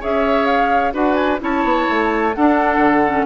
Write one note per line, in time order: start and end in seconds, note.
0.00 0.93 C#4
0.00 0.92 G#4
0.00 0.93 C#5
0.00 0.45 E5
0.45 0.92 F5
0.92 1.40 D4
0.92 1.39 F#4
0.92 1.40 B4
0.92 1.14 F#5
1.14 1.37 G#5
1.39 1.64 C#4
1.39 2.32 E4
1.39 2.36 C#5
1.39 2.34 A5
1.64 1.87 B3
1.89 2.35 A3
2.34 3.06 D4
2.34 2.77 D4
2.34 3.26 A4
2.34 3.26 F#5
2.77 3.23 D3
3.06 3.26 C#4